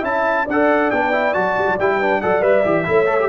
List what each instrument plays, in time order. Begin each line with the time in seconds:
0.00 tuba C#4, trombone E4, horn E5, trumpet A5
0.45 tuba D4, horn D5, trumpet F#5
0.53 trombone A4
0.91 tuba B3, trombone D4, trumpet G5
1.12 trombone E4
1.34 tuba F#3, trombone F#4, trumpet A5
1.58 tuba G3
1.67 tuba F#3
1.79 tuba G3, trombone E4, trumpet G5
1.98 trombone D4, horn B4
2.21 tuba F#3, trombone A4, horn D5, trumpet F#5
2.42 tuba G3, trombone B4, trumpet E5
2.65 tuba E3, trombone G4
2.85 tuba A3, trombone E4, horn C#5
3.07 trombone A4
3.20 trombone G4